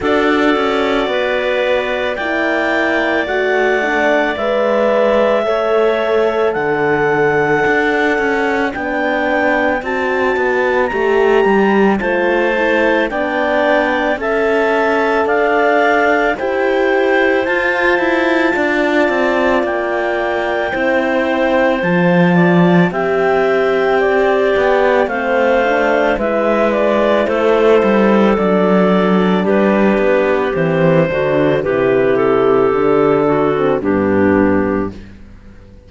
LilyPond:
<<
  \new Staff \with { instrumentName = "clarinet" } { \time 4/4 \tempo 4 = 55 d''2 g''4 fis''4 | e''2 fis''2 | g''4 a''4 ais''4 a''4 | g''4 a''4 f''4 g''4 |
a''2 g''2 | a''4 g''2 f''4 | e''8 d''8 c''4 d''4 b'4 | c''4 b'8 a'4. g'4 | }
  \new Staff \with { instrumentName = "clarinet" } { \time 4/4 a'4 b'4 d''2~ | d''4 cis''4 d''2~ | d''2. c''4 | d''4 e''4 d''4 c''4~ |
c''4 d''2 c''4~ | c''8 d''8 e''4 d''4 c''4 | b'4 a'2 g'4~ | g'8 fis'8 g'4. fis'8 d'4 | }
  \new Staff \with { instrumentName = "horn" } { \time 4/4 fis'2 e'4 fis'8 d'8 | b'4 a'2. | d'4 fis'4 g'4 f'8 e'8 | d'4 a'2 g'4 |
f'2. e'4 | f'4 g'2 c'8 d'8 | e'2 d'2 | c'8 d'8 e'4 d'8. c'16 b4 | }
  \new Staff \with { instrumentName = "cello" } { \time 4/4 d'8 cis'8 b4 ais4 a4 | gis4 a4 d4 d'8 cis'8 | b4 c'8 b8 a8 g8 a4 | b4 cis'4 d'4 e'4 |
f'8 e'8 d'8 c'8 ais4 c'4 | f4 c'4. b8 a4 | gis4 a8 g8 fis4 g8 b8 | e8 d8 c4 d4 g,4 | }
>>